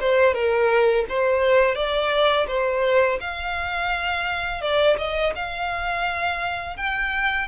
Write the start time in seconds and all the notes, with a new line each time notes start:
0.00 C5
0.33 A#4
1.09 C5
1.75 D5
2.47 C5
3.20 F5
4.61 D5
4.98 D#5
5.35 F5
6.77 G5